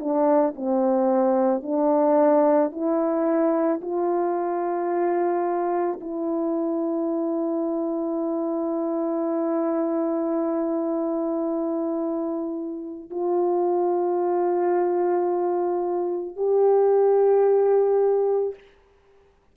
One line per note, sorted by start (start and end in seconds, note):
0.00 0.55 D4
0.56 1.63 C4
1.63 2.72 D4
2.72 3.81 E4
3.82 6.00 F4
6.01 13.10 E4
13.11 16.36 F4
16.36 18.55 G4